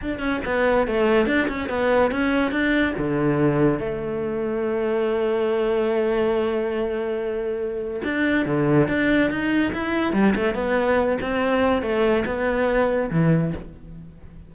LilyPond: \new Staff \with { instrumentName = "cello" } { \time 4/4 \tempo 4 = 142 d'8 cis'8 b4 a4 d'8 cis'8 | b4 cis'4 d'4 d4~ | d4 a2.~ | a1~ |
a2. d'4 | d4 d'4 dis'4 e'4 | g8 a8 b4. c'4. | a4 b2 e4 | }